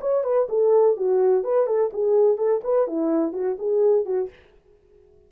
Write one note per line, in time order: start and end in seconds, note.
0.00 0.23 C#5
0.23 0.47 B4
0.49 0.96 A4
0.96 1.43 F#4
1.43 1.66 B4
1.66 1.90 A4
1.93 2.37 G#4
2.37 2.61 A4
2.63 2.87 B4
2.87 3.32 E4
3.32 3.56 F#4
3.58 4.05 G#4
4.05 4.29 F#4